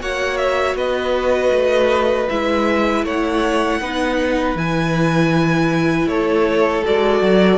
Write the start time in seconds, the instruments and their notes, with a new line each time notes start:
0.00 cello A#3, viola F#4, violin C#5 F#5
0.37 violin E5
0.75 cello B3, violin B4 D#5
1.51 cello A3
2.28 cello G#3, viola E4, violin E5
3.04 cello A3, violin C#5 F#5
3.80 cello B3, viola D#4, violin B4
4.55 cello E3, viola E4, violin G#5
6.06 cello A3, violin A4 C#5
6.84 cello G#3, viola F#4, violin D5
7.21 cello F#3